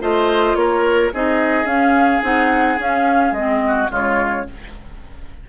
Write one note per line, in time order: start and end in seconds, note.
0.00 0.55 A3
0.00 1.11 F4
0.00 0.56 C5
0.00 0.55 D#5
0.55 1.11 A#3
0.55 1.13 A#4
0.55 1.11 C#5
1.13 1.64 C4
1.13 1.65 D#4
1.13 3.63 G#4
1.13 1.66 D#5
1.64 2.20 C#4
1.64 2.21 C#4
1.64 2.22 F5
2.22 2.78 C4
2.22 2.78 D#4
2.22 2.79 F#5
2.78 3.31 C#4
2.78 3.35 C#4
2.78 3.33 F5
3.31 3.87 G#3
3.31 3.88 C4
3.31 3.89 D#5
3.67 3.91 F#4
3.88 4.46 C#3
3.88 4.44 G#3
3.88 4.46 F4
3.88 4.49 C#5